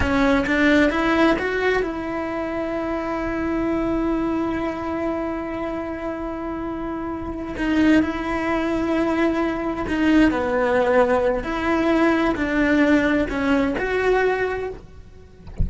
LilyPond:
\new Staff \with { instrumentName = "cello" } { \time 4/4 \tempo 4 = 131 cis'4 d'4 e'4 fis'4 | e'1~ | e'1~ | e'1~ |
e'8 dis'4 e'2~ e'8~ | e'4. dis'4 b4.~ | b4 e'2 d'4~ | d'4 cis'4 fis'2 | }